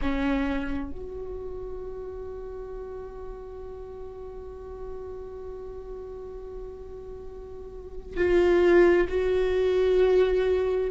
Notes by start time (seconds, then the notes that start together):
0.01 C#4
0.91 F#4
8.17 F4
9.08 F#4